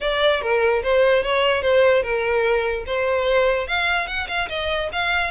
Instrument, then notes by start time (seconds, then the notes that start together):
violin
0.01 D5
0.41 A#4
0.83 C5
1.23 C#5
1.62 C5
2.02 A#4
2.86 C5
3.67 F5
4.07 F#5
4.28 F5
4.48 D#5
4.92 F5